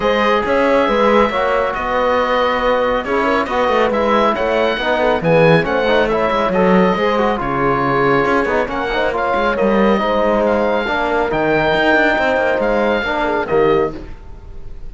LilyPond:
<<
  \new Staff \with { instrumentName = "oboe" } { \time 4/4 \tempo 4 = 138 dis''4 e''2. | dis''2. cis''4 | dis''4 e''4 fis''2 | gis''4 fis''4 e''4 dis''4~ |
dis''4 cis''2. | fis''4 f''4 dis''2 | f''2 g''2~ | g''4 f''2 dis''4 | }
  \new Staff \with { instrumentName = "horn" } { \time 4/4 c''4 cis''4 b'4 cis''4 | b'2. gis'8 ais'8 | b'2 cis''4 b'8 a'8 | gis'4 c''4 cis''2 |
c''4 gis'2. | ais'8 c''8 cis''2 c''4~ | c''4 ais'2. | c''2 ais'8 gis'8 g'4 | }
  \new Staff \with { instrumentName = "trombone" } { \time 4/4 gis'2. fis'4~ | fis'2. e'4 | fis'4 e'2 dis'4 | b4 cis'8 dis'8 e'4 a'4 |
gis'8 fis'8 f'2~ f'8 dis'8 | cis'8 dis'8 f'4 ais4 dis'4~ | dis'4 d'4 dis'2~ | dis'2 d'4 ais4 | }
  \new Staff \with { instrumentName = "cello" } { \time 4/4 gis4 cis'4 gis4 ais4 | b2. cis'4 | b8 a8 gis4 a4 b4 | e4 a4. gis8 fis4 |
gis4 cis2 cis'8 b8 | ais4. gis8 g4 gis4~ | gis4 ais4 dis4 dis'8 d'8 | c'8 ais8 gis4 ais4 dis4 | }
>>